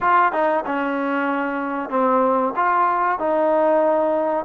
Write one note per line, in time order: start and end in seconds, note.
0.00 0.32 F4
0.32 0.64 D#4
0.65 1.89 C#4
1.89 2.53 C4
2.55 3.18 F4
3.18 4.45 D#4